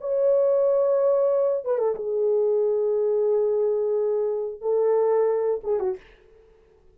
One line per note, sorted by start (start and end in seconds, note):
0.00 1.65 C#5
1.65 1.78 B4
1.78 1.95 A4
1.95 4.61 G#4
4.61 5.61 A4
5.64 5.79 G#4
5.79 5.96 F#4